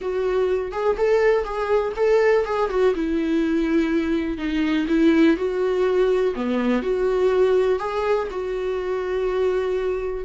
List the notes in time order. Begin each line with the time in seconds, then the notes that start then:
0.01 F#4
0.72 G#4
0.97 A4
1.44 G#4
1.96 A4
2.45 G#4
2.69 F#4
2.94 E4
4.37 D#4
4.88 E4
5.37 F#4
6.35 B3
6.82 F#4
7.79 G#4
8.31 F#4